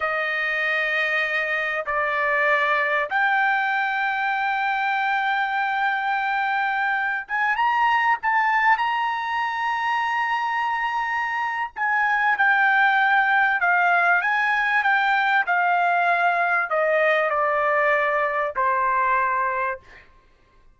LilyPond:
\new Staff \with { instrumentName = "trumpet" } { \time 4/4 \tempo 4 = 97 dis''2. d''4~ | d''4 g''2.~ | g''2.~ g''8. gis''16~ | gis''16 ais''4 a''4 ais''4.~ ais''16~ |
ais''2. gis''4 | g''2 f''4 gis''4 | g''4 f''2 dis''4 | d''2 c''2 | }